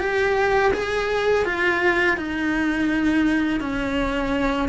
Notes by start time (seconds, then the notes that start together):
0.00 G4
0.74 G#4
1.45 F4
2.17 D#4
3.60 C#4